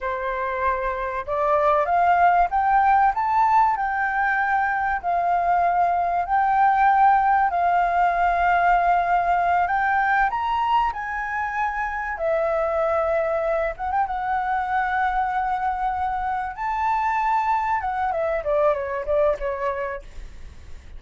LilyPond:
\new Staff \with { instrumentName = "flute" } { \time 4/4 \tempo 4 = 96 c''2 d''4 f''4 | g''4 a''4 g''2 | f''2 g''2 | f''2.~ f''8 g''8~ |
g''8 ais''4 gis''2 e''8~ | e''2 fis''16 g''16 fis''4.~ | fis''2~ fis''8 a''4.~ | a''8 fis''8 e''8 d''8 cis''8 d''8 cis''4 | }